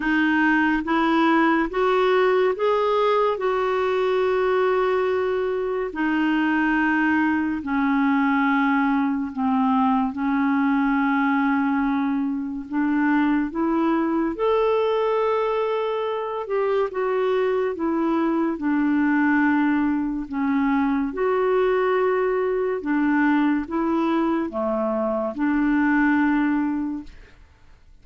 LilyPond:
\new Staff \with { instrumentName = "clarinet" } { \time 4/4 \tempo 4 = 71 dis'4 e'4 fis'4 gis'4 | fis'2. dis'4~ | dis'4 cis'2 c'4 | cis'2. d'4 |
e'4 a'2~ a'8 g'8 | fis'4 e'4 d'2 | cis'4 fis'2 d'4 | e'4 a4 d'2 | }